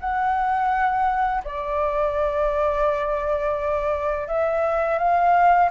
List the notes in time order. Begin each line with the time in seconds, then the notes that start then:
0.00 F#5
1.44 D5
4.28 E5
4.98 F5